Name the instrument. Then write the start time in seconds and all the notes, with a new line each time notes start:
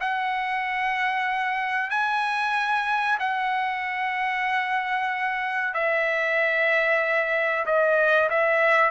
trumpet
0.00 F#5
1.90 G#5
3.19 F#5
5.74 E5
7.65 D#5
8.29 E5